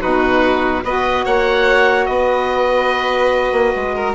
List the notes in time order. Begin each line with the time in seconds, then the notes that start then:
0.00 B2 D#4 F#4 B4
0.84 B3 F#4 B4 D#5
1.25 A#3 C#5 F#5
2.06 B3 B4 D#5
3.52 A#3
3.75 G#3
3.95 A#4